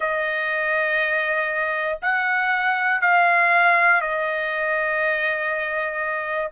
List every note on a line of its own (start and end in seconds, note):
0.00 1.99 D#5
2.02 3.01 F#5
3.01 4.00 F5
4.00 6.50 D#5